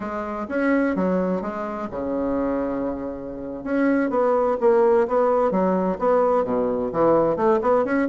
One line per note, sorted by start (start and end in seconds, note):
0.00 0.46 G#3
0.49 0.95 C#4
0.95 1.41 F#3
1.41 1.88 G#3
1.90 3.63 C#3
3.63 4.10 C#4
4.10 4.56 B3
4.60 5.07 A#3
5.07 5.51 B3
5.51 5.98 F#3
5.98 6.44 B3
6.44 6.91 B2
6.92 7.36 E3
7.36 7.59 A3
7.61 7.84 B3
7.84 8.08 C#4